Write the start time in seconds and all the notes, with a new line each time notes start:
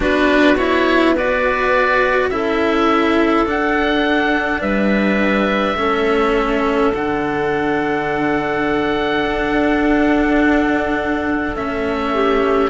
0.00 B3 D4 F#4 B4
0.56 E4 C#5
1.14 F#4 B4 D5
2.29 C#4 E4 A4 E5
3.46 D4 F#5
4.61 G3 B4 E5
5.75 A3 C#4 A4
6.94 D3 D4 F#5
9.24 D4
11.55 A3 C#4 E5
12.13 G4